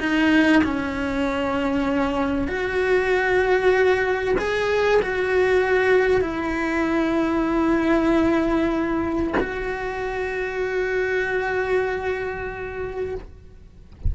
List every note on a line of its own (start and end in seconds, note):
0.00 0.62 D#4
0.64 2.48 C#4
2.48 4.35 F#4
4.39 5.01 G#4
5.02 6.21 F#4
6.21 9.34 E4
9.40 13.15 F#4